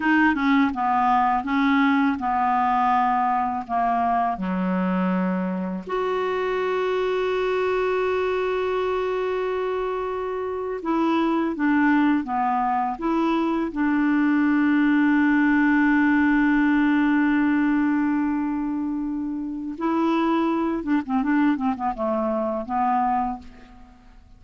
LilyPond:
\new Staff \with { instrumentName = "clarinet" } { \time 4/4 \tempo 4 = 82 dis'8 cis'8 b4 cis'4 b4~ | b4 ais4 fis2 | fis'1~ | fis'2~ fis'8. e'4 d'16~ |
d'8. b4 e'4 d'4~ d'16~ | d'1~ | d'2. e'4~ | e'8 d'16 c'16 d'8 c'16 b16 a4 b4 | }